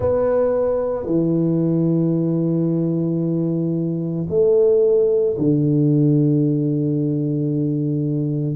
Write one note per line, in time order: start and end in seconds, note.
0.00 1.05 B3
1.05 4.27 E3
4.29 5.36 A3
5.38 8.56 D3